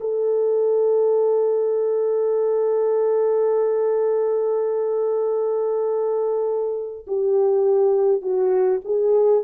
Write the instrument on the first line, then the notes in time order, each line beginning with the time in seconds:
horn
0.00 A4
7.06 G4
8.21 F#4
8.84 G#4